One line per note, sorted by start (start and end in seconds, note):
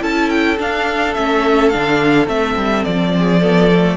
0.00 0.58 C#4
0.00 0.57 E4
0.00 3.13 A4
0.00 0.29 A5
0.29 0.57 G5
0.58 1.15 D4
0.58 1.16 D4
0.58 1.13 F5
1.13 1.74 A3
1.13 1.72 C#4
1.13 1.69 E5
1.69 2.27 D3
1.69 2.26 D4
1.69 2.26 F5
2.26 2.55 A3
2.26 3.39 C4
2.26 2.84 E5
2.56 2.84 G3
2.84 3.96 F3
2.84 3.96 D5
3.17 3.41 G#4
3.41 3.70 B3
3.41 3.96 A4
3.71 3.96 A3